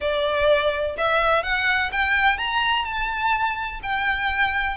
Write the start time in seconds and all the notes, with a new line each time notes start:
0.00 D5
0.97 E5
1.43 F#5
1.92 G5
2.37 A#5
2.84 A5
3.82 G5